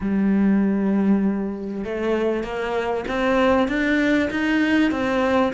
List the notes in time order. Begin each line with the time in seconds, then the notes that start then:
0.00 G3
1.84 A3
2.43 A#3
3.08 C4
3.68 D4
4.30 D#4
4.91 C4